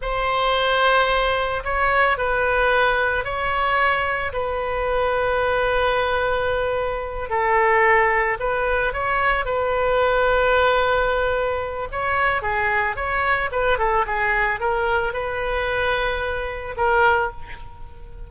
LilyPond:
\new Staff \with { instrumentName = "oboe" } { \time 4/4 \tempo 4 = 111 c''2. cis''4 | b'2 cis''2 | b'1~ | b'4. a'2 b'8~ |
b'8 cis''4 b'2~ b'8~ | b'2 cis''4 gis'4 | cis''4 b'8 a'8 gis'4 ais'4 | b'2. ais'4 | }